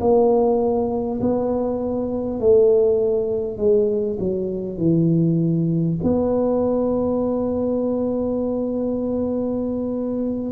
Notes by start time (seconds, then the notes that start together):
0.00 A#3
1.21 B3
2.40 A3
3.57 G#3
4.19 F#3
4.78 E3
6.03 B3